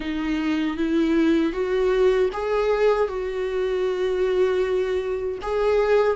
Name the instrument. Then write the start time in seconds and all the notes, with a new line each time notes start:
viola
0.00 D#4
0.77 E4
1.52 F#4
2.32 G#4
3.08 F#4
5.42 G#4